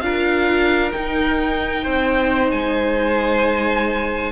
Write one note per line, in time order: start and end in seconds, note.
0.00 0.92 D4
0.00 0.93 F4
0.00 1.83 A#4
0.00 0.91 F5
0.92 4.31 D#4
0.92 1.86 D#4
0.92 2.51 G5
1.83 2.52 C4
1.83 4.31 C5
2.51 4.31 G#3
2.51 4.31 G#5